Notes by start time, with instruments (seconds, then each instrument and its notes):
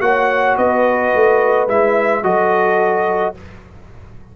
0.00 tuba A#3, trombone F#4, horn C#5, trumpet F#5
0.56 tuba B3, horn B4, trumpet D#5
1.14 tuba A3
1.67 tuba G#3, trombone E4, trumpet E5
2.23 tuba F#3, trombone F#4, horn A4, trumpet D#5